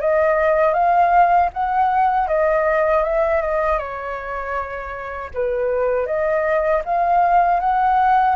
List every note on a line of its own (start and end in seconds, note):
0.00 0.74 D#5
0.74 1.49 F5
1.53 2.27 F#5
2.27 3.03 D#5
3.03 3.41 E5
3.41 3.78 D#5
3.78 5.30 C#5
5.34 6.06 B4
6.06 6.82 D#5
6.85 7.60 F5
7.60 8.35 F#5